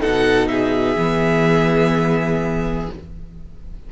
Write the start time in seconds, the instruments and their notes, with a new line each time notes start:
0.00 cello B2, viola D#4, violin A4 F#5
0.48 violin G#4 E5
0.96 cello E3, viola B3